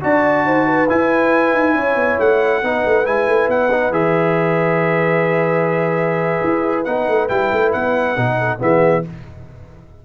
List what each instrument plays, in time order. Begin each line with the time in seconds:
0.00 tuba D4, trombone F#4, horn D5, trumpet A5
0.45 tuba D#4, horn C5
0.66 horn B4
0.89 trombone E4, tuba E4, trumpet G#5
1.53 tuba D#4
1.75 tuba C#4, horn C#5
1.95 tuba B3
2.19 tuba A3, trumpet F#5
2.62 tuba B3, trombone D#4, horn B4
2.85 tuba A3
3.04 tuba G#3, trombone E4, trumpet G#5
3.27 tuba A3
3.47 tuba B3, trumpet F#5
3.71 trombone D#4
3.90 tuba E3, trombone G#4, trumpet E5
6.43 tuba E4
6.84 tuba B3, trombone D#4, trumpet F#5
7.08 tuba A3
7.28 tuba G3, trombone E4, trumpet G5
7.52 tuba A3
7.72 tuba B3, trumpet F#5
8.16 tuba B2, trombone D#4
8.37 horn A4
8.58 tuba E3, trombone B3, horn G#4, trumpet E5